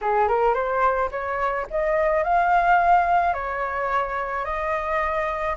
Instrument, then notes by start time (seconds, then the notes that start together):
flute
0.01 G#4
0.28 A#4
0.54 C5
1.11 C#5
1.70 D#5
2.23 F5
3.33 C#5
4.44 D#5